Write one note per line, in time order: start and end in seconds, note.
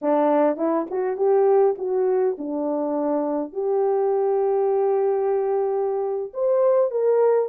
0.01 0.56 D4
0.56 0.86 E4
0.90 1.16 F#4
1.16 1.75 G4
1.78 2.36 F#4
2.38 3.52 D4
3.52 6.32 G4
6.33 6.90 C5
6.90 7.49 A#4